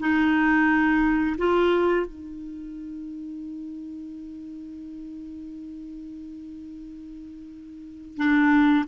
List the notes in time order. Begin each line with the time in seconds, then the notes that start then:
0.00 D#4
1.38 F4
2.06 D#4
8.17 D4